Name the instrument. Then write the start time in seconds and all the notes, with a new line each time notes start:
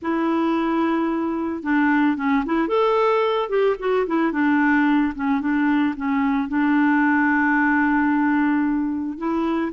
clarinet
0.01 E4
1.62 D4
2.16 C#4
2.45 E4
2.68 A4
3.49 G4
3.79 F#4
4.07 E4
4.31 D4
5.15 C#4
5.40 D4
5.96 C#4
6.48 D4
9.18 E4